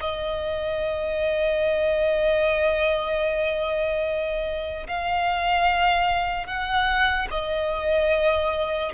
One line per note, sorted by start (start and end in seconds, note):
0.00 4.86 D#5
4.87 6.46 F5
6.46 7.28 F#5
7.30 8.92 D#5